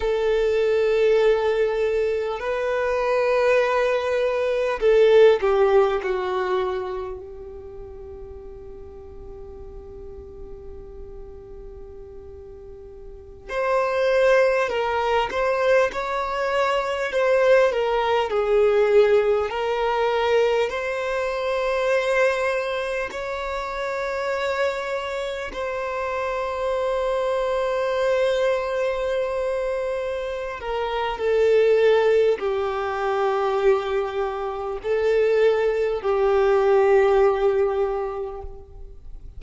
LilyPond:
\new Staff \with { instrumentName = "violin" } { \time 4/4 \tempo 4 = 50 a'2 b'2 | a'8 g'8 fis'4 g'2~ | g'2.~ g'16 c''8.~ | c''16 ais'8 c''8 cis''4 c''8 ais'8 gis'8.~ |
gis'16 ais'4 c''2 cis''8.~ | cis''4~ cis''16 c''2~ c''8.~ | c''4. ais'8 a'4 g'4~ | g'4 a'4 g'2 | }